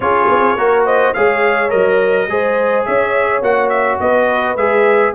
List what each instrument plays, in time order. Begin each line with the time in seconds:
0.00 tuba C#4, trombone F4, horn G#4, trumpet C#5
0.29 tuba C4
0.55 tuba A#3, trombone F#4, horn A#4
0.85 horn C5, trumpet D#5
1.13 tuba G#3, trombone G#4, horn C#5, trumpet F5
1.69 tuba F#3, trombone A#4, trumpet D#5
2.27 tuba G#3, trombone G#4, horn C5
2.85 tuba C#4, horn C#5, trumpet E5
3.41 tuba A#3, trombone F#4, trumpet F#5
3.69 trumpet E5
4.00 tuba B3, horn B4, trumpet D#5
4.55 tuba G#3, trombone G#4, trumpet E5